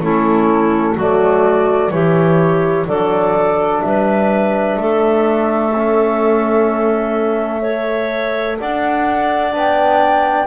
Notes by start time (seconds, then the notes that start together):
0.00 A3 C#4 E4 A4
0.94 F#3 A3 F#4 D5
1.90 E3 E4 G4 C#5
2.87 F#3 D4 A4 D5
3.81 G3 B4 E5
4.76 A3 A4
5.75 C#4
7.61 A4 C#5
8.58 D4 D5 F#5
9.51 B3 D4
9.57 G5